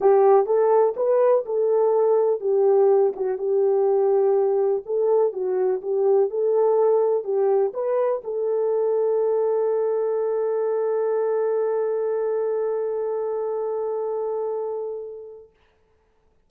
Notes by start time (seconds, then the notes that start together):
0.00 G4
0.46 A4
0.96 B4
1.45 A4
2.40 G4
3.16 F#4
3.38 G4
4.85 A4
5.32 F#4
5.81 G4
6.30 A4
7.24 G4
7.73 B4
8.24 A4